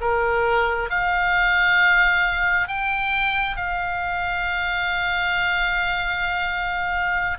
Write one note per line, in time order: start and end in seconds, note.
0.00 0.90 A#4
0.90 2.68 F5
2.68 3.56 G5
3.56 7.37 F5